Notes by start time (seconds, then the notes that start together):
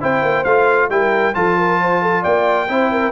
0.00 C4 E4 C5 G5
0.22 A#3
0.44 A3 F4 F5
0.89 G3 E4 A#4 G5
1.34 F3 F4 A4 A5
1.58 A#4
1.81 C5
2.02 A4
2.22 A#3 D5 G5
2.68 C4 E4 C5
2.91 A#4